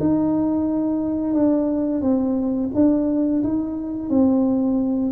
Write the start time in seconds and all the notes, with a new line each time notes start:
0.00 D#4
1.34 D4
2.02 C4
2.75 D4
3.44 D#4
4.10 C4